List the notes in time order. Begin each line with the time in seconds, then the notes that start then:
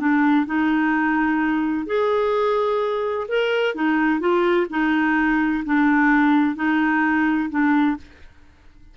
0.00 D4
0.46 D#4
1.87 G#4
3.29 A#4
3.75 D#4
4.21 F4
4.71 D#4
5.66 D4
6.56 D#4
7.50 D4